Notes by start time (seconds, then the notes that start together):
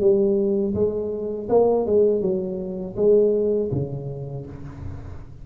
0.00 G3
0.74 G#3
1.49 A#3
1.86 G#3
2.21 F#3
2.96 G#3
3.72 C#3